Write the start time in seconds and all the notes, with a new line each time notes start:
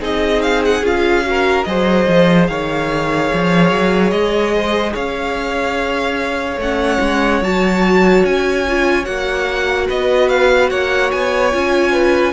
0.00 C4 D#4 G#4 D#5
0.42 F5
0.65 F#5
0.82 C#4 F4 F5
1.24 F#4
1.30 A#4
1.64 F#3 G#4 C5 D#5
2.07 F3
2.47 D#3 C#5 F5
3.34 F3
3.71 F#3
4.10 G#3 D#5
4.55 C5
4.93 C#4 C#5 F5
6.57 A3 C#4 F#5
7.00 G#3
7.41 F#3 F#4 A5
8.24 C#4 G#5
8.67 F4
9.04 A#3 F#4 F#5
9.88 B3 B4 D#5
10.28 F5
10.70 A#3 C#5 F#5
11.11 B3 G#5
11.52 C#4 F4
11.92 B4